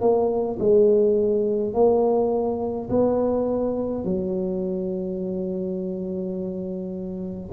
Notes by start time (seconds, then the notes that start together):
0.00 A#3
0.59 G#3
1.74 A#3
2.90 B3
4.04 F#3